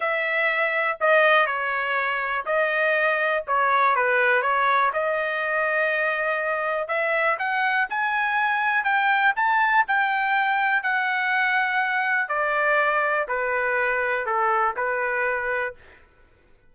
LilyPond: \new Staff \with { instrumentName = "trumpet" } { \time 4/4 \tempo 4 = 122 e''2 dis''4 cis''4~ | cis''4 dis''2 cis''4 | b'4 cis''4 dis''2~ | dis''2 e''4 fis''4 |
gis''2 g''4 a''4 | g''2 fis''2~ | fis''4 d''2 b'4~ | b'4 a'4 b'2 | }